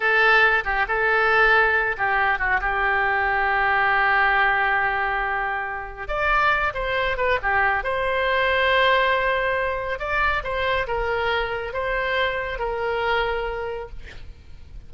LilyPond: \new Staff \with { instrumentName = "oboe" } { \time 4/4 \tempo 4 = 138 a'4. g'8 a'2~ | a'8 g'4 fis'8 g'2~ | g'1~ | g'2 d''4. c''8~ |
c''8 b'8 g'4 c''2~ | c''2. d''4 | c''4 ais'2 c''4~ | c''4 ais'2. | }